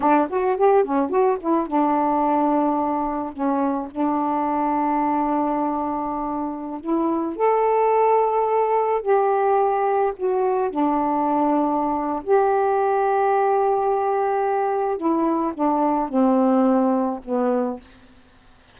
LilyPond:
\new Staff \with { instrumentName = "saxophone" } { \time 4/4 \tempo 4 = 108 d'8 fis'8 g'8 cis'8 fis'8 e'8 d'4~ | d'2 cis'4 d'4~ | d'1~ | d'16 e'4 a'2~ a'8.~ |
a'16 g'2 fis'4 d'8.~ | d'2 g'2~ | g'2. e'4 | d'4 c'2 b4 | }